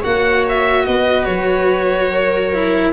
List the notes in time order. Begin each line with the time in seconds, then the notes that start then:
0.00 A#3 F#4 C#5 F#5
0.48 E5
0.85 B3 B4 D#5
1.24 F#3 C#5
2.11 A#4
2.53 E4